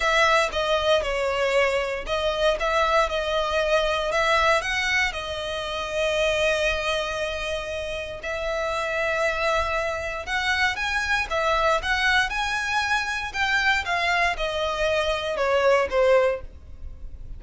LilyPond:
\new Staff \with { instrumentName = "violin" } { \time 4/4 \tempo 4 = 117 e''4 dis''4 cis''2 | dis''4 e''4 dis''2 | e''4 fis''4 dis''2~ | dis''1 |
e''1 | fis''4 gis''4 e''4 fis''4 | gis''2 g''4 f''4 | dis''2 cis''4 c''4 | }